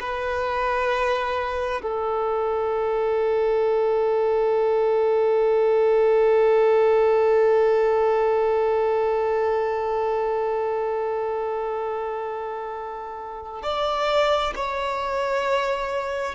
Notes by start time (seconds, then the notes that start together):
0.00 B4
1.82 A4
13.63 D5
14.56 C#5